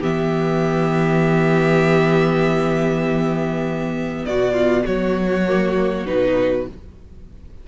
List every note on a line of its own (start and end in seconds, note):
0.00 4.25 E3
0.00 5.47 B3
0.00 4.24 G4
0.00 4.25 E5
4.25 4.86 B2
4.25 4.53 F#4
4.25 4.85 D5
4.53 4.83 F4
4.85 6.07 F#3
4.85 6.67 F#4
4.85 6.06 C#5
5.47 6.06 A#3
6.06 6.68 B2
6.06 6.66 D#4
6.06 6.67 B4